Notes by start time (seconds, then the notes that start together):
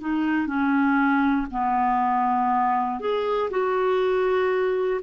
0.00 D#4
0.46 C#4
1.50 B3
3.00 G#4
3.50 F#4